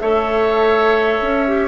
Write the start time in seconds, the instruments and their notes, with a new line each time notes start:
0.00 bassoon A3, clarinet A4, oboe C#5, flute E5
1.22 bassoon C#4
1.48 clarinet G4